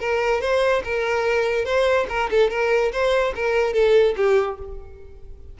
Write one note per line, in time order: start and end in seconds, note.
0.00 0.41 A#4
0.41 0.83 C5
0.85 1.65 A#4
1.65 2.07 C5
2.09 2.30 A#4
2.31 2.50 A4
2.50 2.92 A#4
2.92 3.34 C5
3.36 3.74 A#4
3.74 4.16 A4
4.17 4.59 G4